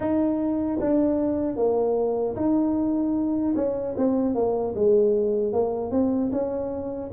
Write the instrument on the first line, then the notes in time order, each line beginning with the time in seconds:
tuba
0.00 D#4
0.80 D4
1.56 A#3
2.36 D#4
3.55 C#4
3.97 C4
4.34 A#3
4.75 G#3
5.53 A#3
5.91 C4
6.32 C#4